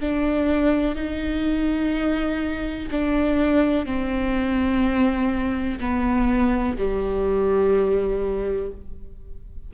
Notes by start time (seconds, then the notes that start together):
0.00 D4
0.95 D#4
2.92 D4
3.86 C4
5.80 B3
6.78 G3